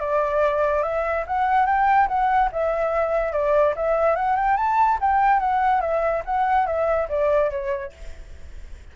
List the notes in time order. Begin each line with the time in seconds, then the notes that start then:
0.00 D5
0.83 E5
1.27 F#5
1.66 G5
2.08 F#5
2.52 E5
3.32 D5
3.76 E5
4.16 F#5
4.36 G5
4.57 A5
5.01 G5
5.40 F#5
5.81 E5
6.25 F#5
6.66 E5
7.09 D5
7.51 C#5